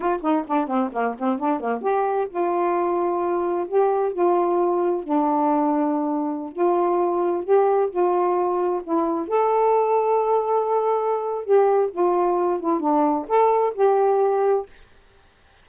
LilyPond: \new Staff \with { instrumentName = "saxophone" } { \time 4/4 \tempo 4 = 131 f'8 dis'8 d'8 c'8 ais8 c'8 d'8 ais8 | g'4 f'2. | g'4 f'2 d'4~ | d'2~ d'16 f'4.~ f'16~ |
f'16 g'4 f'2 e'8.~ | e'16 a'2.~ a'8.~ | a'4 g'4 f'4. e'8 | d'4 a'4 g'2 | }